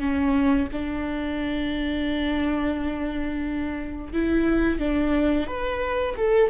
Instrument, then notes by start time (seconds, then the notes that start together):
viola
0.00 C#4
0.73 D4
4.13 E4
4.79 D4
5.47 B4
6.17 A4